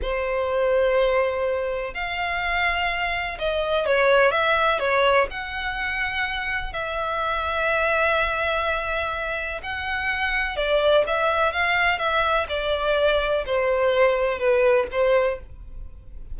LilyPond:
\new Staff \with { instrumentName = "violin" } { \time 4/4 \tempo 4 = 125 c''1 | f''2. dis''4 | cis''4 e''4 cis''4 fis''4~ | fis''2 e''2~ |
e''1 | fis''2 d''4 e''4 | f''4 e''4 d''2 | c''2 b'4 c''4 | }